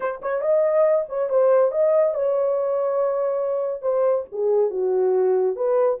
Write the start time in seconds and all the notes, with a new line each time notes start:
0.00 C5
0.22 C#5
0.41 D#5
1.08 C#5
1.29 C5
1.71 D#5
2.14 C#5
3.82 C5
4.32 G#4
4.70 F#4
5.56 B4